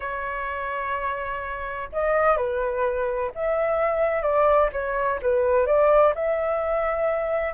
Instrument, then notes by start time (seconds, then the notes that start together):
flute
0.00 C#5
1.92 D#5
2.36 B4
3.34 E5
4.22 D5
4.72 C#5
5.22 B4
5.66 D5
6.15 E5